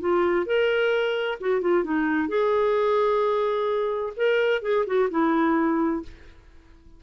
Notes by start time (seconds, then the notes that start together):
0.00 F4
0.46 A#4
1.41 F#4
1.61 F4
1.84 D#4
2.28 G#4
4.16 A#4
4.62 G#4
4.86 F#4
5.10 E4